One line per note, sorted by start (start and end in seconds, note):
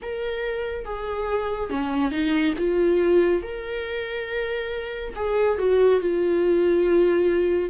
0.02 0.85 A#4
0.85 1.69 G#4
1.69 2.11 C#4
2.11 2.54 D#4
2.58 3.42 F4
3.42 5.14 A#4
5.15 5.58 G#4
5.58 6.00 F#4
6.00 7.69 F4